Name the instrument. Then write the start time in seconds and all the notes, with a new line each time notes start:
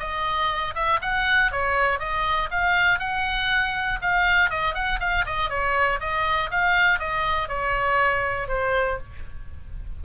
oboe
0.00 D#5
0.75 E5
1.02 F#5
1.52 C#5
2.00 D#5
2.51 F5
3.00 F#5
4.02 F5
4.51 D#5
4.75 F#5
5.00 F5
5.26 D#5
5.50 C#5
6.01 D#5
6.51 F5
7.00 D#5
7.49 C#5
8.49 C5